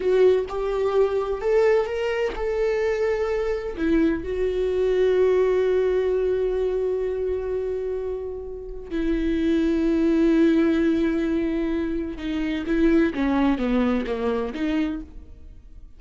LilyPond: \new Staff \with { instrumentName = "viola" } { \time 4/4 \tempo 4 = 128 fis'4 g'2 a'4 | ais'4 a'2. | e'4 fis'2.~ | fis'1~ |
fis'2. e'4~ | e'1~ | e'2 dis'4 e'4 | cis'4 b4 ais4 dis'4 | }